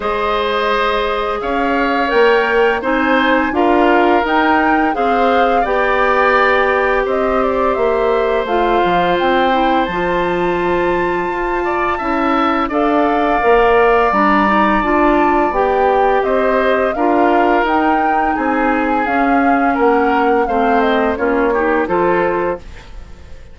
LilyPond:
<<
  \new Staff \with { instrumentName = "flute" } { \time 4/4 \tempo 4 = 85 dis''2 f''4 g''4 | gis''4 f''4 g''4 f''4 | g''2 dis''8 d''8 e''4 | f''4 g''4 a''2~ |
a''2 f''2 | ais''4 a''4 g''4 dis''4 | f''4 g''4 gis''4 f''4 | fis''4 f''8 dis''8 cis''4 c''4 | }
  \new Staff \with { instrumentName = "oboe" } { \time 4/4 c''2 cis''2 | c''4 ais'2 c''4 | d''2 c''2~ | c''1~ |
c''8 d''8 e''4 d''2~ | d''2. c''4 | ais'2 gis'2 | ais'4 c''4 f'8 g'8 a'4 | }
  \new Staff \with { instrumentName = "clarinet" } { \time 4/4 gis'2. ais'4 | dis'4 f'4 dis'4 gis'4 | g'1 | f'4. e'8 f'2~ |
f'4 e'4 a'4 ais'4 | d'8 dis'8 f'4 g'2 | f'4 dis'2 cis'4~ | cis'4 c'4 cis'8 dis'8 f'4 | }
  \new Staff \with { instrumentName = "bassoon" } { \time 4/4 gis2 cis'4 ais4 | c'4 d'4 dis'4 c'4 | b2 c'4 ais4 | a8 f8 c'4 f2 |
f'4 cis'4 d'4 ais4 | g4 d'4 b4 c'4 | d'4 dis'4 c'4 cis'4 | ais4 a4 ais4 f4 | }
>>